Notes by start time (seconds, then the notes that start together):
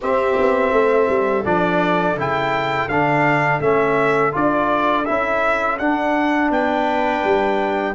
0.00 C4 G4 E5
0.38 B3
0.71 A3 A4
1.08 G3
1.44 F3 D4 D5
2.16 C#3 E4 G5
2.87 D3 D4 F5
3.60 A3 C#4 E5
4.32 D4 F4 D5
5.05 C#4 E4 E5
5.78 D4 F#5
6.50 B3 B4 G5
7.24 G3